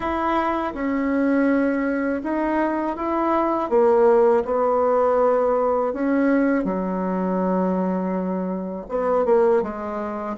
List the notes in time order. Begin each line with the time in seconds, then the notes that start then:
0.00 E4
0.73 C#4
2.23 D#4
2.96 E4
3.69 A#3
4.44 B3
5.93 C#4
6.64 F#3
8.88 B3
9.25 A#3
9.62 G#3